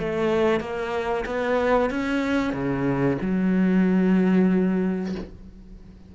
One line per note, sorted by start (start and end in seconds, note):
0.00 0.60 A3
0.60 1.25 A#3
1.26 1.91 B3
1.91 2.53 C#4
2.53 3.18 C#3
3.22 5.16 F#3